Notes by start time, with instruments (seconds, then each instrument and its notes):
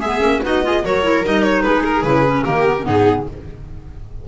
0.00 double bass G#3, clarinet B3, viola G#4, violin E5
0.20 double bass A#3, clarinet C#4
0.43 double bass B3, clarinet D#4, viola F#4, violin D#5
0.63 clarinet F4, viola G#4
0.84 double bass F#3, clarinet F#4, viola A#4, violin C#5
1.02 clarinet E4
1.24 double bass G3, clarinet D#4, violin D#5
1.43 violin C#5
1.62 double bass G#3, viola G#4, violin B4
1.84 violin A#4
2.03 double bass C#3, clarinet E4, violin B4
2.26 clarinet C#4
2.45 double bass D#3, clarinet A#3, viola G4, violin A#4
2.65 clarinet B3
2.79 clarinet B3 C#4
2.85 double bass G#2, viola D#4, violin G#4